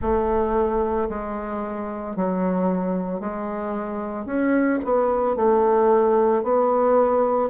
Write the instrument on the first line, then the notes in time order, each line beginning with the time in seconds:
bassoon
0.01 A3
1.09 G#3
2.15 F#3
3.19 G#3
4.25 C#4
4.84 B3
5.36 A3
6.43 B3